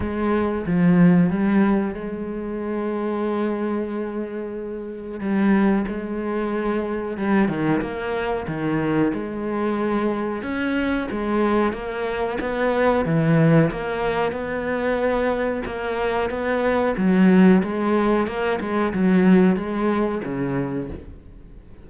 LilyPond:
\new Staff \with { instrumentName = "cello" } { \time 4/4 \tempo 4 = 92 gis4 f4 g4 gis4~ | gis1 | g4 gis2 g8 dis8 | ais4 dis4 gis2 |
cis'4 gis4 ais4 b4 | e4 ais4 b2 | ais4 b4 fis4 gis4 | ais8 gis8 fis4 gis4 cis4 | }